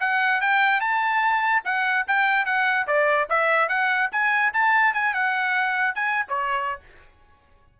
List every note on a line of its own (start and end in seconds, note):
0.00 0.41 F#5
0.41 0.80 G5
0.80 1.62 A5
1.64 2.05 F#5
2.07 2.45 G5
2.45 2.86 F#5
2.87 3.28 D5
3.29 3.68 E5
3.68 4.09 F#5
4.11 4.52 G#5
4.53 4.93 A5
4.93 5.14 G#5
5.14 5.94 F#5
5.94 6.25 G#5
6.28 6.80 C#5